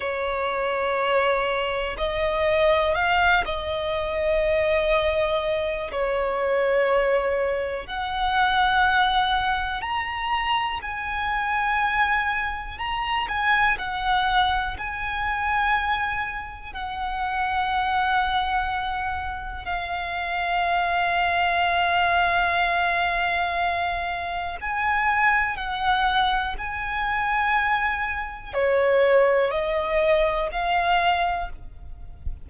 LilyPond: \new Staff \with { instrumentName = "violin" } { \time 4/4 \tempo 4 = 61 cis''2 dis''4 f''8 dis''8~ | dis''2 cis''2 | fis''2 ais''4 gis''4~ | gis''4 ais''8 gis''8 fis''4 gis''4~ |
gis''4 fis''2. | f''1~ | f''4 gis''4 fis''4 gis''4~ | gis''4 cis''4 dis''4 f''4 | }